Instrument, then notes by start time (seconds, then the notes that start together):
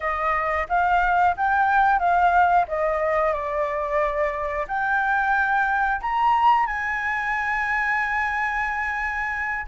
flute
0.00 D#5
0.68 F5
1.37 G5
1.98 F5
2.68 D#5
3.33 D5
4.67 G5
6.01 A#5
6.66 G#5